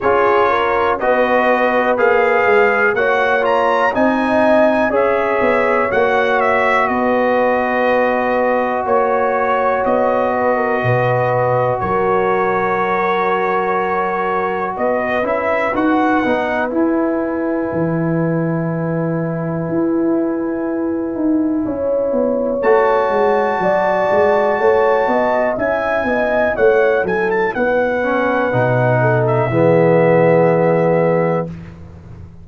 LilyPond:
<<
  \new Staff \with { instrumentName = "trumpet" } { \time 4/4 \tempo 4 = 61 cis''4 dis''4 f''4 fis''8 ais''8 | gis''4 e''4 fis''8 e''8 dis''4~ | dis''4 cis''4 dis''2 | cis''2. dis''8 e''8 |
fis''4 gis''2.~ | gis''2. a''4~ | a''2 gis''4 fis''8 gis''16 a''16 | fis''4.~ fis''16 e''2~ e''16 | }
  \new Staff \with { instrumentName = "horn" } { \time 4/4 gis'8 ais'8 b'2 cis''4 | dis''4 cis''2 b'4~ | b'4 cis''4. b'16 ais'16 b'4 | ais'2. b'4~ |
b'1~ | b'2 cis''2 | d''4 cis''8 dis''8 e''8 dis''8 cis''8 a'8 | b'4. a'8 gis'2 | }
  \new Staff \with { instrumentName = "trombone" } { \time 4/4 f'4 fis'4 gis'4 fis'8 f'8 | dis'4 gis'4 fis'2~ | fis'1~ | fis'2.~ fis'8 e'8 |
fis'8 dis'8 e'2.~ | e'2. fis'4~ | fis'2 e'2~ | e'8 cis'8 dis'4 b2 | }
  \new Staff \with { instrumentName = "tuba" } { \time 4/4 cis'4 b4 ais8 gis8 ais4 | c'4 cis'8 b8 ais4 b4~ | b4 ais4 b4 b,4 | fis2. b8 cis'8 |
dis'8 b8 e'4 e2 | e'4. dis'8 cis'8 b8 a8 gis8 | fis8 gis8 a8 b8 cis'8 b8 a8 fis8 | b4 b,4 e2 | }
>>